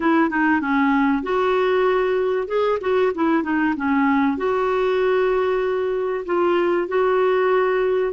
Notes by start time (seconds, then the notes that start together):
0.00 E4
0.30 D#4
0.61 C#4
1.22 F#4
2.47 G#4
2.81 F#4
3.14 E4
3.43 D#4
3.76 C#4
4.37 F#4
6.25 F4
6.88 F#4